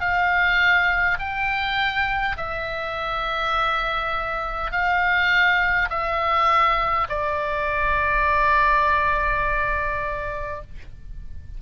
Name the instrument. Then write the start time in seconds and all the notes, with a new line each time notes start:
oboe
0.00 F5
1.19 G5
2.36 E5
4.71 F5
5.89 E5
7.09 D5